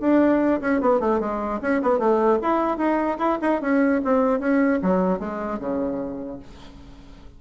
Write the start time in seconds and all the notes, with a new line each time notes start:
0.00 D4
0.61 C#4
0.81 B3
1.00 A3
1.20 G#3
1.61 C#4
1.82 B3
1.99 A3
2.41 E4
2.77 D#4
3.18 E4
3.41 D#4
3.61 C#4
4.04 C4
4.39 C#4
4.82 F#3
5.19 G#3
5.59 C#3